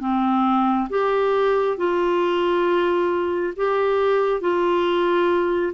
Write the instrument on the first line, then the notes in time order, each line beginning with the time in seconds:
clarinet
0.00 C4
0.89 G4
1.77 F4
3.56 G4
4.41 F4